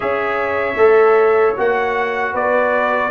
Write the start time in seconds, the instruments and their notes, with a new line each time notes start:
0.00 tuba C#4, trombone G#4, horn C#5, trumpet E5
0.76 tuba A3, trombone A4
1.56 tuba A#3, trombone F#4, trumpet F#5
2.32 tuba B3, horn B4, trumpet D5